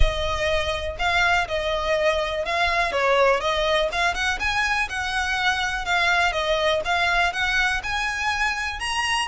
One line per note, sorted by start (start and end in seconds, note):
0.00 0.96 D#5
0.98 1.47 F5
1.47 2.45 D#5
2.45 2.92 F5
2.92 3.40 C#5
3.40 3.89 D#5
3.92 4.14 F5
4.14 4.39 F#5
4.39 4.88 G#5
4.89 5.85 F#5
5.85 6.32 F5
6.32 6.81 D#5
6.84 7.32 F5
7.32 7.81 F#5
7.83 8.79 G#5
8.79 9.27 A#5